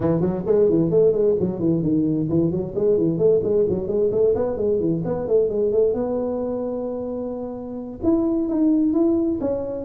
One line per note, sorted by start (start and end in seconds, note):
0.00 0.20 E3
0.20 0.43 F#3
0.46 0.69 G#3
0.69 0.90 E3
0.90 1.12 A3
1.12 1.35 G#3
1.39 1.59 F#3
1.59 1.82 E3
1.82 2.28 D#3
2.29 2.51 E3
2.51 2.74 F#3
2.75 2.97 G#3
2.97 3.17 E3
3.17 3.40 A3
3.43 3.66 G#3
3.68 3.87 F#3
3.87 4.10 G#3
4.11 4.34 A3
4.35 4.57 B3
4.57 4.80 G#3
4.80 5.03 E3
5.04 5.27 B3
5.27 5.49 A3
5.49 5.71 G#3
5.71 5.93 A3
5.93 7.99 B3
8.03 8.48 E4
8.48 8.93 D#4
8.93 9.39 E4
9.41 9.85 C#4